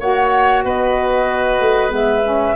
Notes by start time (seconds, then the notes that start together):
0.00 A#3 F#4 C#5 F#5
0.65 B3 B4 D#5
1.60 A3
1.89 G#3 B3 E5
2.24 C#4